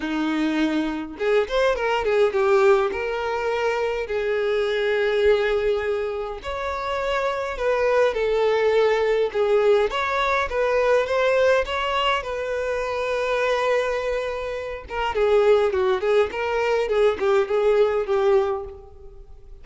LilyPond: \new Staff \with { instrumentName = "violin" } { \time 4/4 \tempo 4 = 103 dis'2 gis'8 c''8 ais'8 gis'8 | g'4 ais'2 gis'4~ | gis'2. cis''4~ | cis''4 b'4 a'2 |
gis'4 cis''4 b'4 c''4 | cis''4 b'2.~ | b'4. ais'8 gis'4 fis'8 gis'8 | ais'4 gis'8 g'8 gis'4 g'4 | }